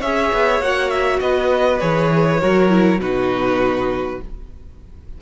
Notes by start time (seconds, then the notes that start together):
0.00 C#4 G#4 C#5 E5
0.33 B3
0.60 A#3 F#4 F#5
0.90 E5
1.20 B3 B4 D#5
1.80 E3 G#4 C#5
2.40 F#3 F#4 A#4
2.69 E4
2.99 B2 D#4 F#4 B4